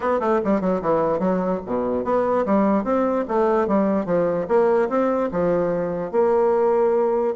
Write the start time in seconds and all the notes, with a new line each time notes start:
0.00 B3
0.20 A3
0.44 G3
0.60 F#3
0.81 E3
1.19 F#3
1.65 B2
2.04 B3
2.45 G3
2.84 C4
3.28 A3
3.67 G3
4.05 F3
4.48 A#3
4.89 C4
5.31 F3
6.11 A#3